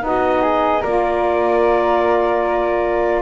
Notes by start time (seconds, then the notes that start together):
0.00 B3 D#4 F#4 D#5
0.42 G#4
0.81 A#3 F4 A#4 D5